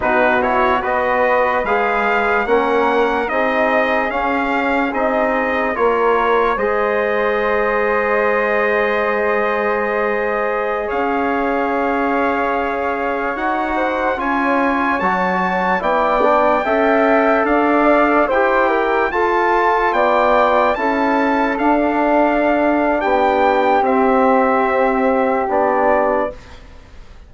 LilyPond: <<
  \new Staff \with { instrumentName = "trumpet" } { \time 4/4 \tempo 4 = 73 b'8 cis''8 dis''4 f''4 fis''4 | dis''4 f''4 dis''4 cis''4 | dis''1~ | dis''4~ dis''16 f''2~ f''8.~ |
f''16 fis''4 gis''4 a''4 g''8.~ | g''4~ g''16 f''4 g''4 a''8.~ | a''16 g''4 a''4 f''4.~ f''16 | g''4 e''2 d''4 | }
  \new Staff \with { instrumentName = "flute" } { \time 4/4 fis'4 b'2 ais'4 | gis'2. ais'4 | c''1~ | c''4~ c''16 cis''2~ cis''8.~ |
cis''8. c''8 cis''2 d''8.~ | d''16 e''4 d''4 c''8 ais'8 a'8.~ | a'16 d''4 a'2~ a'8. | g'1 | }
  \new Staff \with { instrumentName = "trombone" } { \time 4/4 dis'8 e'8 fis'4 gis'4 cis'4 | dis'4 cis'4 dis'4 f'4 | gis'1~ | gis'1~ |
gis'16 fis'4 f'4 fis'4 e'8 d'16~ | d'16 a'2 g'4 f'8.~ | f'4~ f'16 e'4 d'4.~ d'16~ | d'4 c'2 d'4 | }
  \new Staff \with { instrumentName = "bassoon" } { \time 4/4 b,4 b4 gis4 ais4 | c'4 cis'4 c'4 ais4 | gis1~ | gis4~ gis16 cis'2~ cis'8.~ |
cis'16 dis'4 cis'4 fis4 b8.~ | b16 cis'4 d'4 e'4 f'8.~ | f'16 b4 cis'4 d'4.~ d'16 | b4 c'2 b4 | }
>>